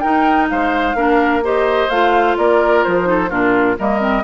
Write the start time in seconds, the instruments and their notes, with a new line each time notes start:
0.00 clarinet D#4, bassoon D#4, oboe A#4, flute G5
0.50 bassoon G#3, oboe C5, flute F5
0.95 bassoon A#3, clarinet D4, oboe A#4
1.43 clarinet G4, oboe C5, flute D#5
1.90 bassoon A3, clarinet F4, flute F5
2.38 bassoon A#3, oboe A#4, flute D5
2.84 bassoon F3, flute C5
3.04 clarinet D#4
3.10 oboe A4
3.30 bassoon A#2, clarinet D4, oboe F4, flute A#4
3.79 bassoon G3, clarinet A#3, oboe A#4, flute D#5
4.00 clarinet C4